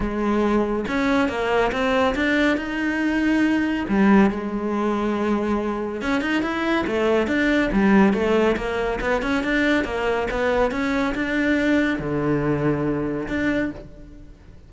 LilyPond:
\new Staff \with { instrumentName = "cello" } { \time 4/4 \tempo 4 = 140 gis2 cis'4 ais4 | c'4 d'4 dis'2~ | dis'4 g4 gis2~ | gis2 cis'8 dis'8 e'4 |
a4 d'4 g4 a4 | ais4 b8 cis'8 d'4 ais4 | b4 cis'4 d'2 | d2. d'4 | }